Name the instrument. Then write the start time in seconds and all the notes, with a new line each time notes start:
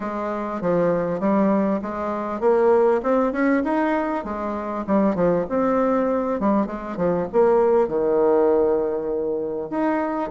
bassoon
0.00 G#3
0.61 F3
1.20 G3
1.82 G#3
2.40 A#3
3.02 C4
3.32 C#4
3.64 D#4
4.24 G#3
4.87 G3
5.15 F3
5.49 C4
6.40 G3
6.66 G#3
6.97 F3
7.32 A#3
7.88 D#3
9.70 D#4